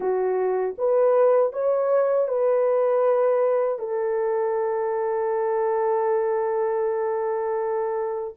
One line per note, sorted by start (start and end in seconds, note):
0.00 0.74 F#4
0.78 1.52 B4
1.52 2.28 C#5
2.28 3.78 B4
3.78 8.34 A4